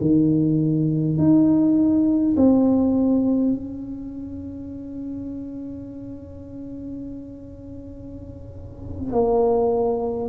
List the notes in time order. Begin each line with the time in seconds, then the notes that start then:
0.00 D#3
1.18 D#4
2.36 C4
3.53 C#4
9.12 A#3